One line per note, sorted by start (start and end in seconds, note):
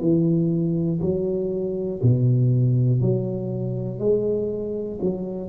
0.00 1.00 E3
1.00 2.00 F#3
2.02 3.01 B2
3.01 3.99 F#3
3.99 4.99 G#3
5.01 5.49 F#3